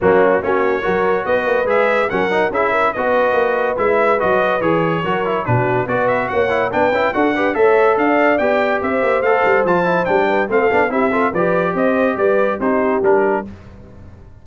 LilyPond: <<
  \new Staff \with { instrumentName = "trumpet" } { \time 4/4 \tempo 4 = 143 fis'4 cis''2 dis''4 | e''4 fis''4 e''4 dis''4~ | dis''4 e''4 dis''4 cis''4~ | cis''4 b'4 d''8 e''8 fis''4 |
g''4 fis''4 e''4 f''4 | g''4 e''4 f''4 a''4 | g''4 f''4 e''4 d''4 | dis''4 d''4 c''4 ais'4 | }
  \new Staff \with { instrumentName = "horn" } { \time 4/4 cis'4 fis'4 ais'4 b'4~ | b'4 ais'4 gis'8 ais'8 b'4~ | b'1 | ais'4 fis'4 b'4 cis''4 |
b'4 a'8 b'8 cis''4 d''4~ | d''4 c''2.~ | c''8 b'8 a'4 g'8 a'8 b'4 | c''4 b'4 g'2 | }
  \new Staff \with { instrumentName = "trombone" } { \time 4/4 ais4 cis'4 fis'2 | gis'4 cis'8 dis'8 e'4 fis'4~ | fis'4 e'4 fis'4 gis'4 | fis'8 e'8 d'4 fis'4. e'8 |
d'8 e'8 fis'8 g'8 a'2 | g'2 a'4 f'8 e'8 | d'4 c'8 d'8 e'8 f'8 g'4~ | g'2 dis'4 d'4 | }
  \new Staff \with { instrumentName = "tuba" } { \time 4/4 fis4 ais4 fis4 b8 ais8 | gis4 fis4 cis'4 b4 | ais4 gis4 fis4 e4 | fis4 b,4 b4 ais4 |
b8 cis'8 d'4 a4 d'4 | b4 c'8 ais8 a8 g8 f4 | g4 a8 b8 c'4 f4 | c'4 g4 c'4 g4 | }
>>